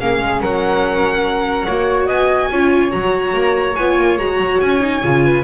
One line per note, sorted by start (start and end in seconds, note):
0.00 0.20 A#3
0.00 1.68 C#4
0.00 0.42 G#4
0.00 0.42 F5
0.20 0.41 G#3
0.41 1.67 F#3
0.41 1.66 A#4
0.41 2.08 F#5
1.66 2.08 A#3
1.66 2.53 F#4
1.66 2.06 C#5
2.06 2.50 B3
2.06 2.48 D#5
2.06 2.92 G#5
2.51 2.93 C#4
2.51 2.91 F4
2.51 5.24 C#5
2.91 3.34 F#3
2.91 3.74 F#4
2.91 3.76 A#5
3.34 3.76 A#3
3.76 3.98 B3
3.76 4.19 F4
3.76 4.18 G#5
3.98 4.18 A#3
4.18 4.38 G#3
4.18 4.81 F#4
4.18 4.60 A#5
4.38 4.59 F#3
4.61 5.03 C#4
4.61 5.44 G#5
4.81 5.01 D#4
5.03 5.44 C#3
5.03 5.44 F4
5.24 5.44 B4